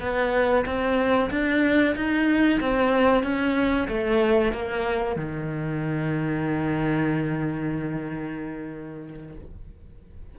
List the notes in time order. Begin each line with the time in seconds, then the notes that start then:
0.00 B3
0.66 C4
1.30 D4
1.96 D#4
2.60 C4
3.23 C#4
3.88 A3
4.52 A#3
5.16 D#3